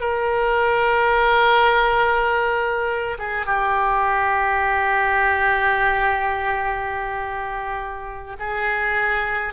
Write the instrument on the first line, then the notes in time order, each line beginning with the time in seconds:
oboe
0.00 A#4
3.18 G#4
3.46 G4
8.39 G#4